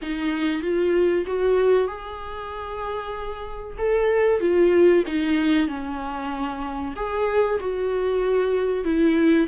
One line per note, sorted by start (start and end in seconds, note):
0.02 0.61 D#4
0.61 1.25 F4
1.26 1.87 F#4
1.87 3.77 G#4
3.78 4.40 A4
4.40 5.03 F4
5.06 5.68 D#4
5.68 6.94 C#4
6.96 7.59 G#4
7.60 8.84 F#4
8.84 9.47 E4